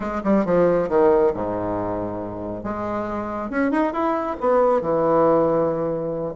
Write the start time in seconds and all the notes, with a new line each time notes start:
0.00 G#3
0.23 G3
0.45 F3
0.88 D#3
1.33 G#2
2.63 G#3
3.49 C#4
3.71 D#4
3.92 E4
4.40 B3
4.81 E3